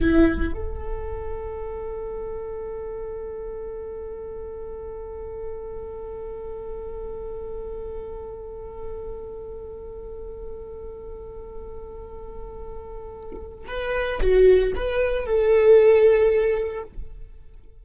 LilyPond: \new Staff \with { instrumentName = "viola" } { \time 4/4 \tempo 4 = 114 e'4 a'2.~ | a'1~ | a'1~ | a'1~ |
a'1~ | a'1~ | a'2 b'4 fis'4 | b'4 a'2. | }